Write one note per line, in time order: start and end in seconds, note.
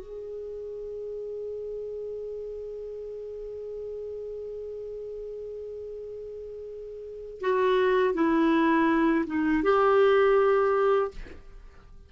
0.00 7.41 G#4
7.41 8.14 F#4
8.14 9.25 E4
9.27 9.63 D#4
9.63 11.11 G4